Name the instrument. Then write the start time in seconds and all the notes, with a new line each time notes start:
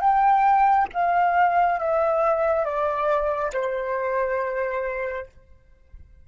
flute
0.00 G5
0.93 F5
1.80 E5
2.65 D5
3.53 C5